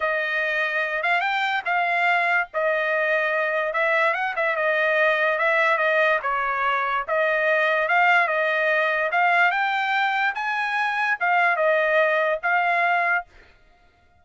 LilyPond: \new Staff \with { instrumentName = "trumpet" } { \time 4/4 \tempo 4 = 145 dis''2~ dis''8 f''8 g''4 | f''2 dis''2~ | dis''4 e''4 fis''8 e''8 dis''4~ | dis''4 e''4 dis''4 cis''4~ |
cis''4 dis''2 f''4 | dis''2 f''4 g''4~ | g''4 gis''2 f''4 | dis''2 f''2 | }